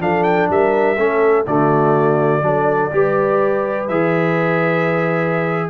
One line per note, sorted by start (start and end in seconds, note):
0.00 0.49 F3
0.00 0.97 D4
0.00 0.50 A4
0.00 0.24 F5
0.24 0.48 G5
0.50 0.98 G3
0.50 0.98 A#4
0.50 1.47 E5
0.98 1.47 A3
0.98 1.46 C#4
0.98 1.47 A4
1.47 2.42 D3
1.47 2.43 A3
1.47 2.44 F#4
1.47 3.88 D5
2.42 2.91 F#3
2.42 2.91 D4
2.42 2.93 A4
2.92 3.89 G3
2.92 3.89 G4
2.92 5.70 B4
3.88 5.70 E3
3.88 5.70 G#4
3.88 5.70 E5